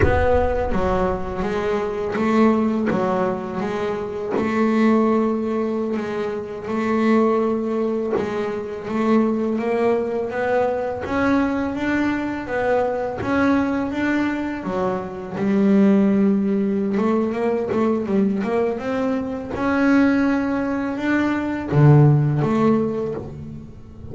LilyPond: \new Staff \with { instrumentName = "double bass" } { \time 4/4 \tempo 4 = 83 b4 fis4 gis4 a4 | fis4 gis4 a2~ | a16 gis4 a2 gis8.~ | gis16 a4 ais4 b4 cis'8.~ |
cis'16 d'4 b4 cis'4 d'8.~ | d'16 fis4 g2~ g16 a8 | ais8 a8 g8 ais8 c'4 cis'4~ | cis'4 d'4 d4 a4 | }